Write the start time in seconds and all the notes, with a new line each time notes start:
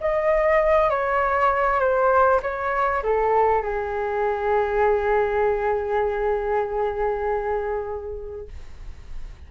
0.00 D#5
0.90 C#5
1.80 C5
2.42 C#5
3.03 A4
3.62 G#4